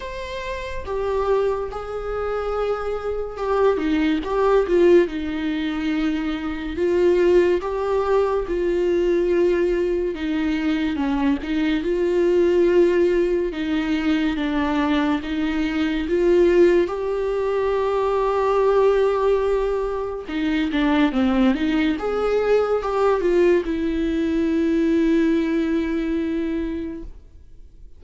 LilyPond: \new Staff \with { instrumentName = "viola" } { \time 4/4 \tempo 4 = 71 c''4 g'4 gis'2 | g'8 dis'8 g'8 f'8 dis'2 | f'4 g'4 f'2 | dis'4 cis'8 dis'8 f'2 |
dis'4 d'4 dis'4 f'4 | g'1 | dis'8 d'8 c'8 dis'8 gis'4 g'8 f'8 | e'1 | }